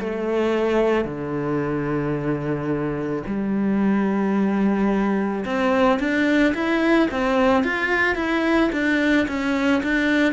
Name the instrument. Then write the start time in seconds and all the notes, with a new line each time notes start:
cello
0.00 A3
1.05 D3
3.27 G3
5.45 C4
6.00 D4
6.55 E4
7.11 C4
7.64 F4
8.16 E4
8.73 D4
9.28 C#4
9.83 D4